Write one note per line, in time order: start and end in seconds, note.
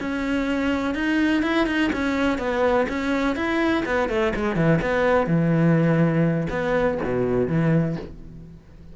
0.00 0.95 C#4
0.95 1.43 D#4
1.43 1.66 E4
1.66 1.91 D#4
1.93 2.38 C#4
2.38 2.86 B3
2.89 3.36 C#4
3.36 3.84 E4
3.85 4.09 B3
4.09 4.33 A3
4.35 4.56 G#3
4.56 4.80 E3
4.81 5.27 B3
5.27 6.48 E3
6.50 6.98 B3
7.04 7.48 B2
7.48 7.96 E3